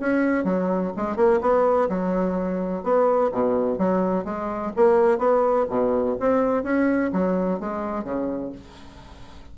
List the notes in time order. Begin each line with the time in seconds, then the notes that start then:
0.00 C#4
0.45 F#3
0.97 G#3
1.16 A#3
1.41 B3
1.89 F#3
2.84 B3
3.32 B2
3.78 F#3
4.25 G#3
4.76 A#3
5.19 B3
5.70 B2
6.20 C4
6.63 C#4
7.13 F#3
7.60 G#3
8.04 C#3